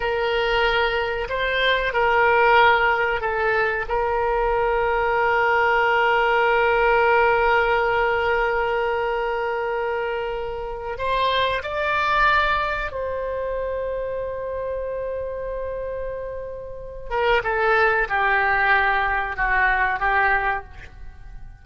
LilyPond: \new Staff \with { instrumentName = "oboe" } { \time 4/4 \tempo 4 = 93 ais'2 c''4 ais'4~ | ais'4 a'4 ais'2~ | ais'1~ | ais'1~ |
ais'4 c''4 d''2 | c''1~ | c''2~ c''8 ais'8 a'4 | g'2 fis'4 g'4 | }